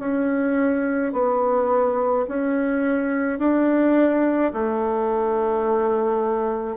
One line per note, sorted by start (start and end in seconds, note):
0.00 1.13 C#4
1.13 2.26 B3
2.28 3.40 C#4
3.40 4.53 D4
4.53 6.77 A3